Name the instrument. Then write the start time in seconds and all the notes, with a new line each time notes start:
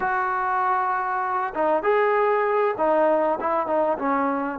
trombone
0.00 F#4
1.54 D#4
1.82 G#4
2.77 D#4
3.40 E4
3.67 D#4
3.98 C#4